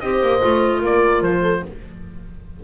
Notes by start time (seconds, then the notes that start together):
0.00 C4 G4 C5 D#5
0.22 A#3
0.41 A3 F4
0.80 A#3 A#4 D5
1.22 F3 C5
1.42 A4